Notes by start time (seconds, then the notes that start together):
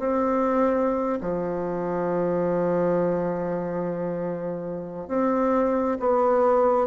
0.00 C4
1.21 F3
5.08 C4
6.00 B3